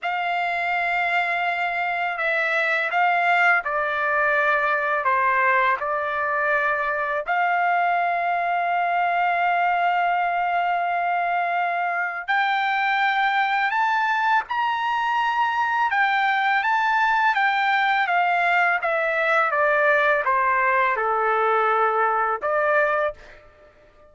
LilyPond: \new Staff \with { instrumentName = "trumpet" } { \time 4/4 \tempo 4 = 83 f''2. e''4 | f''4 d''2 c''4 | d''2 f''2~ | f''1~ |
f''4 g''2 a''4 | ais''2 g''4 a''4 | g''4 f''4 e''4 d''4 | c''4 a'2 d''4 | }